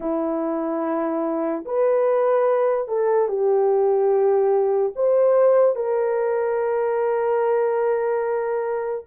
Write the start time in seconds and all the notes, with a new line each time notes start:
0.00 E4
1.65 B4
2.88 A4
3.28 G4
4.95 C5
5.75 A#4